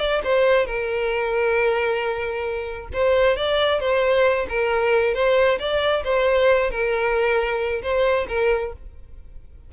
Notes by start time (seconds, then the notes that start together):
0.00 D5
0.24 C5
0.66 A#4
2.94 C5
3.37 D5
3.81 C5
4.49 A#4
5.15 C5
5.60 D5
6.05 C5
6.71 A#4
7.83 C5
8.29 A#4